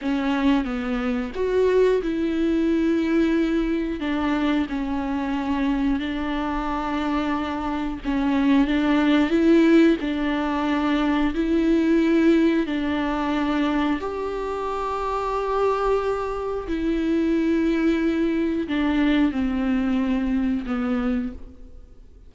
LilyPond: \new Staff \with { instrumentName = "viola" } { \time 4/4 \tempo 4 = 90 cis'4 b4 fis'4 e'4~ | e'2 d'4 cis'4~ | cis'4 d'2. | cis'4 d'4 e'4 d'4~ |
d'4 e'2 d'4~ | d'4 g'2.~ | g'4 e'2. | d'4 c'2 b4 | }